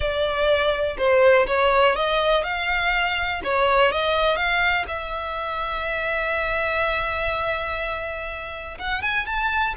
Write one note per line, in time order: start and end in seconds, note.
0.00 0.96 D5
0.97 1.46 C5
1.46 1.95 C#5
1.95 2.43 D#5
2.43 3.41 F5
3.43 3.91 C#5
3.91 4.36 D#5
4.36 4.85 F5
4.87 8.77 E5
8.78 9.02 F#5
9.02 9.25 G#5
9.25 9.74 A5